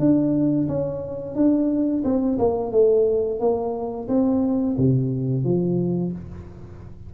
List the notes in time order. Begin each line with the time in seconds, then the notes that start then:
0.00 D4
0.69 C#4
1.36 D4
2.05 C4
2.39 A#3
2.72 A3
3.40 A#3
4.09 C4
4.78 C3
5.45 F3